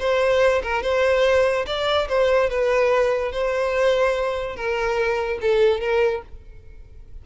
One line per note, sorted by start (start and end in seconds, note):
0.00 0.62 C5
0.63 0.83 A#4
0.83 1.66 C5
1.67 2.09 D5
2.09 2.50 C5
2.50 3.32 B4
3.32 4.56 C5
4.56 5.40 A#4
5.42 5.81 A4
5.81 6.23 A#4